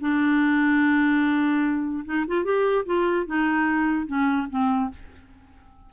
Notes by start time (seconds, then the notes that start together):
0.00 D4
2.05 D#4
2.27 F4
2.44 G4
2.85 F4
3.26 D#4
4.06 C#4
4.49 C4